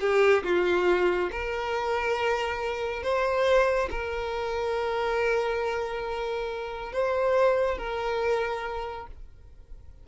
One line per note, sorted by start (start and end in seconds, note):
0.00 0.43 G4
0.43 1.30 F4
1.31 3.02 A#4
3.02 3.89 C5
3.90 6.92 A#4
6.92 7.77 C5
7.77 9.07 A#4